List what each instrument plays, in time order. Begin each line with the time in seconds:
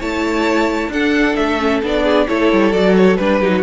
0.00 cello A3, viola E4, violin C#5 A5
0.89 cello D4, viola D4, violin A4 F#5
1.36 cello A3, violin E5
1.59 viola C#4
1.83 cello B3, viola D4, violin D5
2.04 violin G#4
2.28 cello A3, viola E4, violin A4 C#5
2.53 cello G3
2.73 cello F#3, viola F#4, violin D5
2.97 violin C#5
3.17 cello G3, viola D4, violin B4
3.40 cello F#3, viola D#4, violin G4
3.55 violin F#4